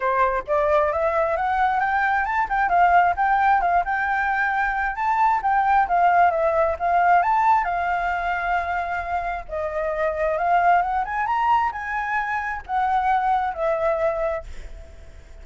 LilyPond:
\new Staff \with { instrumentName = "flute" } { \time 4/4 \tempo 4 = 133 c''4 d''4 e''4 fis''4 | g''4 a''8 g''8 f''4 g''4 | f''8 g''2~ g''8 a''4 | g''4 f''4 e''4 f''4 |
a''4 f''2.~ | f''4 dis''2 f''4 | fis''8 gis''8 ais''4 gis''2 | fis''2 e''2 | }